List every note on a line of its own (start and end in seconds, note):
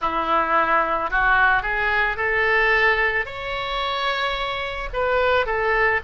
0.01 1.10 E4
1.10 1.62 F#4
1.62 2.17 G#4
2.17 3.25 A4
3.25 4.89 C#5
4.93 5.45 B4
5.45 6.00 A4